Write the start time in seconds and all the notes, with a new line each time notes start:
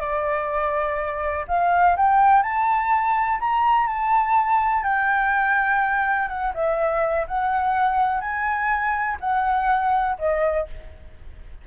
0.00 D5
1.48 F5
1.96 G5
2.43 A5
3.40 A#5
3.87 A5
4.83 G5
6.28 F#5
6.54 E5
7.27 F#5
8.20 G#5
9.20 F#5
10.19 D#5